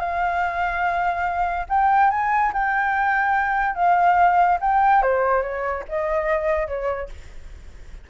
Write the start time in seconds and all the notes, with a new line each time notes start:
0.00 F5
1.69 G5
2.11 G#5
2.54 G5
3.76 F5
4.61 G5
5.03 C5
5.43 C#5
5.89 D#5
6.68 C#5